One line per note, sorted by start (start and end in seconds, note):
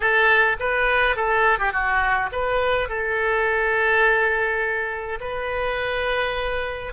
0.00 0.56 A4
0.59 1.15 B4
1.15 1.59 A4
1.59 1.72 G4
1.72 2.29 F#4
2.32 2.88 B4
2.88 5.19 A4
5.20 6.93 B4